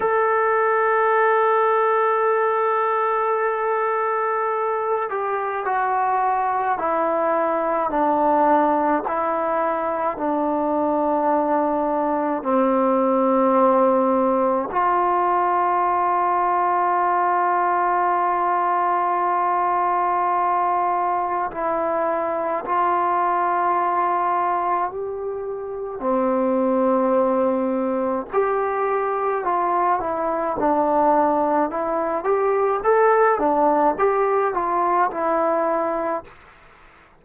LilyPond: \new Staff \with { instrumentName = "trombone" } { \time 4/4 \tempo 4 = 53 a'1~ | a'8 g'8 fis'4 e'4 d'4 | e'4 d'2 c'4~ | c'4 f'2.~ |
f'2. e'4 | f'2 g'4 c'4~ | c'4 g'4 f'8 e'8 d'4 | e'8 g'8 a'8 d'8 g'8 f'8 e'4 | }